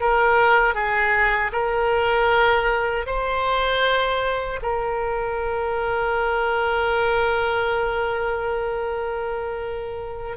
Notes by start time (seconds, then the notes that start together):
0.00 A#4
0.74 G#4
1.52 A#4
3.06 C5
4.62 A#4